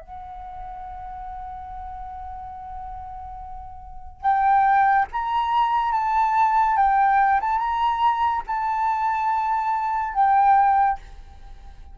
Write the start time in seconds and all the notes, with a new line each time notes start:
0.00 F#5
4.21 G5
5.12 A#5
5.92 A5
6.76 G5
7.40 A5
7.58 A#5
8.47 A5
10.13 G5